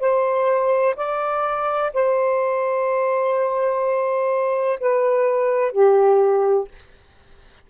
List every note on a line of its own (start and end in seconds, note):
0.00 0.95 C5
0.96 1.91 D5
1.94 4.79 C5
4.80 5.72 B4
5.72 6.68 G4